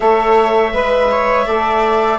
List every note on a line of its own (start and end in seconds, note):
0.00 0.73 A3
0.00 0.73 A4
0.00 0.73 C#5
0.00 2.18 E5
0.73 1.46 G#3
0.73 1.09 B4
0.73 1.45 B4
1.11 1.46 C#5
1.45 2.18 A3
1.45 2.18 A4
1.45 2.18 D5